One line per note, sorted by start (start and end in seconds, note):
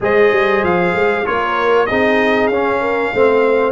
0.00 0.31 G#3
0.00 1.24 G#4
0.00 1.27 C5
0.00 0.64 D#5
0.31 0.63 G3
0.63 0.94 F3
0.63 1.26 F5
0.94 1.25 G#3
1.24 1.90 A#3
1.24 1.87 F4
1.24 1.88 A#4
1.24 1.86 C#5
1.86 2.49 C4
1.86 2.52 D#4
1.86 2.80 G#4
1.86 2.47 D#5
2.47 3.11 C#4
2.47 3.14 C#4
2.47 3.72 F5
2.80 3.12 A#4
3.13 3.72 A3
3.13 3.72 C4
3.13 3.72 C5